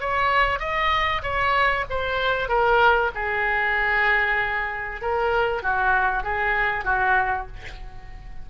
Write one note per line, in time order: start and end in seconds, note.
0.00 0.59 C#5
0.59 1.22 D#5
1.22 1.85 C#5
1.89 2.48 C5
2.48 3.11 A#4
3.14 5.01 G#4
5.01 5.62 A#4
5.62 6.23 F#4
6.23 6.84 G#4
6.84 7.47 F#4